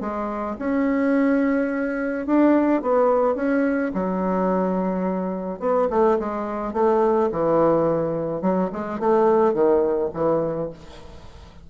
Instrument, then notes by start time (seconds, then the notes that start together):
bassoon
0.00 G#3
0.59 C#4
2.26 D4
2.82 B3
3.35 C#4
3.94 F#3
5.59 B3
5.90 A3
6.19 G#3
6.73 A3
7.32 E3
8.41 F#3
8.72 G#3
8.99 A3
9.53 D#3
10.13 E3